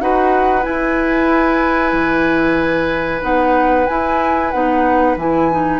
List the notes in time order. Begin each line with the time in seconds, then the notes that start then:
0.00 D#4 F#4 B4 F#5
0.63 E4 G#5
1.93 E3
3.21 B3 D#4 F#5
3.87 E4 G#5
4.51 B3 D#4 F#5
5.16 E3 E4 G#5
5.51 D#4